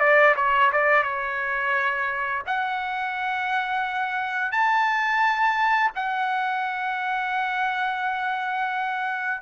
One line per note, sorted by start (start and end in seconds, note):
0.00 0.35 D5
0.36 0.71 C#5
0.72 1.03 D5
1.03 2.43 C#5
2.47 4.52 F#5
4.52 5.91 A5
5.96 9.42 F#5